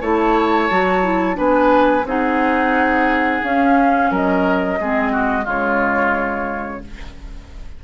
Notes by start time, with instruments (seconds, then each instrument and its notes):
0.00 bassoon A3, clarinet E4, oboe C#5, flute A5
0.70 bassoon F#3, clarinet F#4
1.03 clarinet E4
1.34 bassoon B3, clarinet D4, oboe B4, flute G#5
2.04 bassoon C4, clarinet D#4, oboe G#4, flute F#5
3.42 clarinet C#4, bassoon C#4, flute F5
4.10 bassoon F#3, oboe A#4, flute D#5
4.79 bassoon G#3, clarinet C4, oboe G#4
5.12 oboe F#4
5.43 bassoon C#3, clarinet G#3, oboe F4, flute C#5